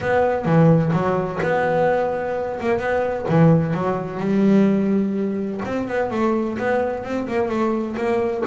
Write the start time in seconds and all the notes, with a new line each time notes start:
0.01 B3
0.45 E3
0.92 F#3
1.42 B3
2.60 A#3
2.79 B3
3.28 E3
3.74 F#3
4.20 G3
5.65 C4
5.87 B3
6.10 A3
6.58 B3
7.03 C4
7.27 A#3
7.48 A3
7.96 A#3